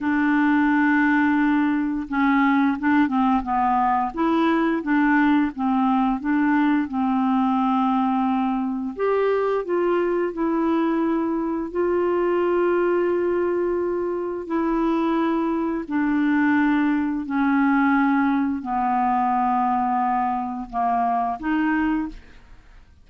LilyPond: \new Staff \with { instrumentName = "clarinet" } { \time 4/4 \tempo 4 = 87 d'2. cis'4 | d'8 c'8 b4 e'4 d'4 | c'4 d'4 c'2~ | c'4 g'4 f'4 e'4~ |
e'4 f'2.~ | f'4 e'2 d'4~ | d'4 cis'2 b4~ | b2 ais4 dis'4 | }